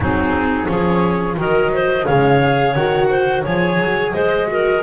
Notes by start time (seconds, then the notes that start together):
0.00 F#3 C4 D#4 G#4
0.67 F3 C#4 G#4 C#5
1.37 D#3 F#3 A#4 D#5
1.73 C5
2.05 C#3 G#3 C#5 F5
2.42 G#4
2.73 D#3 F#4 F#5
3.09 C5
3.43 F3 G#4 C#5 G#5
3.79 F#3
4.13 G#3 C5 D#5
4.47 F#4 A#4